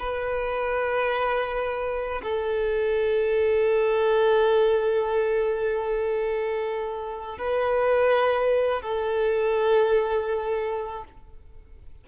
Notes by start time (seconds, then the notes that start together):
0.00 B4
2.23 A4
7.38 B4
8.82 A4